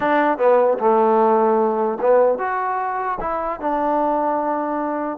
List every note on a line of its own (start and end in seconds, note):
0.00 0.38 D4
0.38 0.78 B3
0.78 1.98 A3
2.01 2.38 B3
2.38 3.18 F#4
3.20 3.60 E4
3.60 5.18 D4